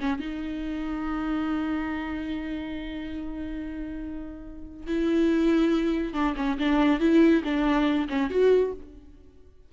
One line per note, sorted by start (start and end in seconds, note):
0.00 0.20 C#4
0.20 4.87 D#4
4.87 6.14 E4
6.14 6.35 D4
6.37 6.58 C#4
6.59 7.00 D4
7.00 7.43 E4
7.44 8.08 D4
8.09 8.30 C#4
8.30 8.73 F#4